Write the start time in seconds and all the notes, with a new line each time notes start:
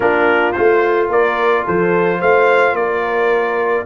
0.00 A#3 D4 F4 A#4
0.52 A3 F4 C5
1.08 A#3 A#4 D5
1.64 F3 A4 C5
2.19 A3 C5 F5
2.72 A#3 A#4 D5